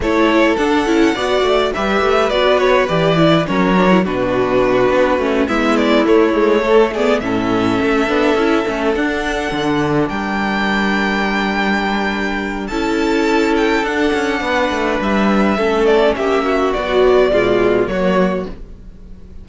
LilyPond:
<<
  \new Staff \with { instrumentName = "violin" } { \time 4/4 \tempo 4 = 104 cis''4 fis''2 e''4 | d''8 cis''8 d''4 cis''4 b'4~ | b'4. e''8 d''8 cis''4. | d''8 e''2. fis''8~ |
fis''4. g''2~ g''8~ | g''2 a''4. g''8 | fis''2 e''4. d''8 | e''4 d''2 cis''4 | }
  \new Staff \with { instrumentName = "violin" } { \time 4/4 a'2 d''4 b'4~ | b'2 ais'4 fis'4~ | fis'4. e'2 a'8 | gis'8 a'2.~ a'8~ |
a'4. ais'2~ ais'8~ | ais'2 a'2~ | a'4 b'2 a'4 | g'8 fis'4. f'4 fis'4 | }
  \new Staff \with { instrumentName = "viola" } { \time 4/4 e'4 d'8 e'8 fis'4 g'4 | fis'4 g'8 e'8 cis'8 d'16 e'16 d'4~ | d'4 cis'8 b4 a8 gis8 a8 | b8 cis'4. d'8 e'8 cis'8 d'8~ |
d'1~ | d'2 e'2 | d'2. cis'4~ | cis'4 fis4 gis4 ais4 | }
  \new Staff \with { instrumentName = "cello" } { \time 4/4 a4 d'8 cis'8 b8 a8 g8 a8 | b4 e4 fis4 b,4~ | b,8 b8 a8 gis4 a4.~ | a8 a,4 a8 b8 cis'8 a8 d'8~ |
d'8 d4 g2~ g8~ | g2 cis'2 | d'8 cis'8 b8 a8 g4 a4 | ais4 b4 b,4 fis4 | }
>>